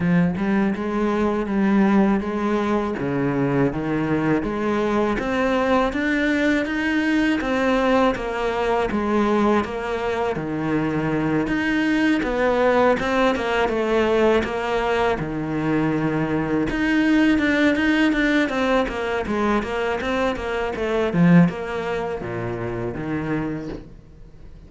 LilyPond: \new Staff \with { instrumentName = "cello" } { \time 4/4 \tempo 4 = 81 f8 g8 gis4 g4 gis4 | cis4 dis4 gis4 c'4 | d'4 dis'4 c'4 ais4 | gis4 ais4 dis4. dis'8~ |
dis'8 b4 c'8 ais8 a4 ais8~ | ais8 dis2 dis'4 d'8 | dis'8 d'8 c'8 ais8 gis8 ais8 c'8 ais8 | a8 f8 ais4 ais,4 dis4 | }